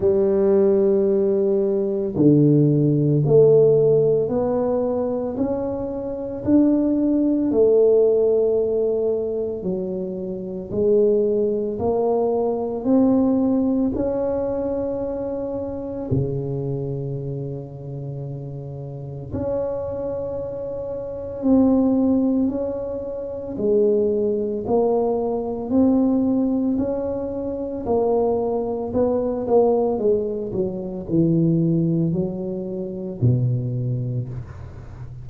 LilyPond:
\new Staff \with { instrumentName = "tuba" } { \time 4/4 \tempo 4 = 56 g2 d4 a4 | b4 cis'4 d'4 a4~ | a4 fis4 gis4 ais4 | c'4 cis'2 cis4~ |
cis2 cis'2 | c'4 cis'4 gis4 ais4 | c'4 cis'4 ais4 b8 ais8 | gis8 fis8 e4 fis4 b,4 | }